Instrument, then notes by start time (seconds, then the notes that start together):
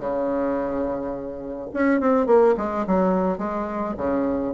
bassoon
0.00 C#3
1.74 C#4
2.01 C4
2.27 A#3
2.58 G#3
2.87 F#3
3.39 G#3
3.98 C#3